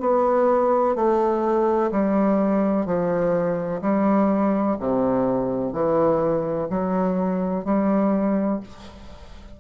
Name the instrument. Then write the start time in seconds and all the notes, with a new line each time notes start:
bassoon
0.00 B3
0.95 A3
1.91 G3
2.85 F3
3.81 G3
4.79 C3
5.73 E3
6.70 F#3
7.65 G3